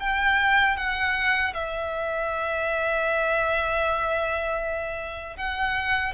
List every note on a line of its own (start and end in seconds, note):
0.00 0.77 G5
0.77 1.54 F#5
1.54 5.37 E5
5.37 6.14 F#5